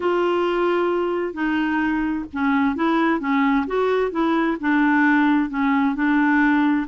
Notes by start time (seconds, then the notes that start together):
0.00 F4
1.33 D#4
2.33 C#4
2.75 E4
3.20 C#4
3.66 F#4
4.11 E4
4.60 D4
5.49 C#4
5.95 D4